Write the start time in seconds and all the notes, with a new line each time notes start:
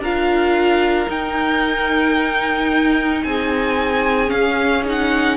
0.00 D4 F4 A#4 F5
1.08 D#4 G5
3.24 C4 G#4 G#5
4.27 C#4 F5
4.85 D#4 F#5